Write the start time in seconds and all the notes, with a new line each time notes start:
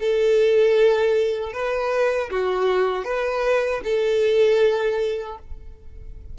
0.00 A4
1.53 B4
2.30 F#4
3.04 B4
3.84 A4